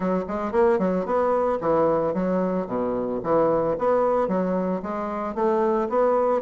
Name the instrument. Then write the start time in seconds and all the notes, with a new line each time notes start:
bassoon
0.00 F#3
0.28 G#3
0.52 A#3
0.79 F#3
1.05 B3
1.60 E3
2.14 F#3
2.66 B2
3.23 E3
3.78 B3
4.28 F#3
4.82 G#3
5.34 A3
5.89 B3